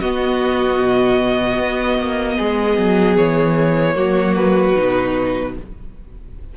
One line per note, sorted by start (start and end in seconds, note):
0.00 0.79 B3
0.00 3.94 B3
0.00 2.36 F#4
0.00 3.16 D#5
0.79 1.58 B2
1.58 1.98 B3
1.98 2.37 A#3
2.36 2.77 G#3
2.36 3.94 G#4
2.77 3.17 F#3
3.16 3.96 E3
3.16 4.35 C#5
3.94 4.75 F#3
3.94 4.73 A#3
3.94 5.52 F#4
4.35 5.54 B4
4.76 5.56 B2
4.76 5.55 D#4